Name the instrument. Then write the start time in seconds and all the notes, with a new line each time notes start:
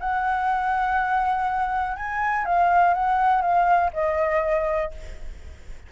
flute
0.00 F#5
1.97 G#5
2.45 F5
2.94 F#5
3.42 F5
3.93 D#5